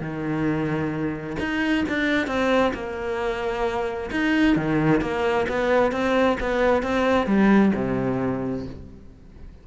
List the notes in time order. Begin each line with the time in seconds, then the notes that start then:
0.00 D#3
1.39 D#4
1.88 D4
2.27 C4
2.74 A#3
4.11 D#4
4.56 D#3
5.01 A#3
5.48 B3
5.91 C4
6.40 B3
6.82 C4
7.26 G3
7.75 C3